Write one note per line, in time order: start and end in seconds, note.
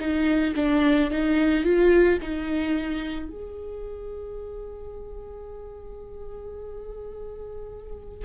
0.00 0.55 D#4
0.56 1.11 D4
1.11 1.64 D#4
1.64 2.19 F4
2.22 3.30 D#4
3.30 8.25 G#4